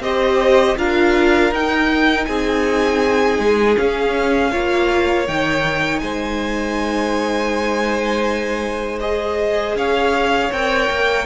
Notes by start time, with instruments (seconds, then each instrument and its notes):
0.00 cello C4, viola G4, violin C5 D#5
0.77 cello D4, viola F4, violin A#4 F5
1.51 cello D#4, viola D#4, violin G5
2.25 cello C4, violin G#4 G#5
3.39 cello G#3
3.76 viola C#4, cello C#4, violin F5
4.51 cello A#3, viola F4, violin C#5
5.28 cello D#3, viola D#4, violin G5
5.99 cello G#3, violin C5 G#5
9.00 viola G#4, violin D#5
9.75 cello C#4, violin C#5 F5
10.52 cello C4, viola A#4, violin G5
10.90 cello A#3